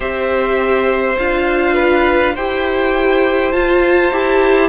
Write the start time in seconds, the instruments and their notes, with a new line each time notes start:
0.00 cello C4, viola G4, violin C5 E5
1.18 cello D4, viola F4, violin F5
1.74 violin B4
2.34 cello E4, viola G4, violin C5 G5
3.51 cello F4, viola F4, violin A5
4.11 cello E4, viola G4